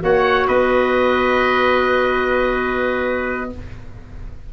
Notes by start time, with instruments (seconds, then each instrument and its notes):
0.00 tuba A#3, clarinet F#4, trumpet C#5, oboe F#5
0.48 tuba B3, trumpet B4, oboe D#5